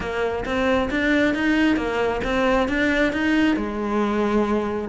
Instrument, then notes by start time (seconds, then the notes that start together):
cello
0.00 A#3
0.45 C4
0.90 D4
1.34 D#4
1.76 A#3
2.23 C4
2.68 D4
3.13 D#4
3.56 G#3